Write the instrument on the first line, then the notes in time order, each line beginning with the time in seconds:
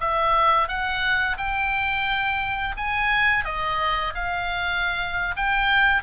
oboe
0.00 E5
0.68 F#5
1.37 G5
2.77 G#5
3.45 D#5
4.15 F5
5.36 G5